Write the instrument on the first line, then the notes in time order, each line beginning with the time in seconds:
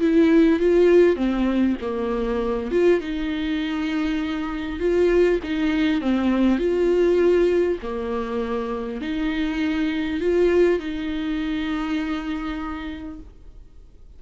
viola
0.00 E4
0.59 F4
1.16 C4
1.81 A#3
2.71 F4
3.00 D#4
4.79 F4
5.43 D#4
6.01 C4
6.58 F4
7.82 A#3
9.01 D#4
10.20 F4
10.79 D#4